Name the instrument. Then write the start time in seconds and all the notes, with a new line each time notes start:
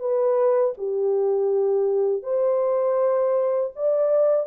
horn
0.00 B4
0.78 G4
2.23 C5
3.76 D5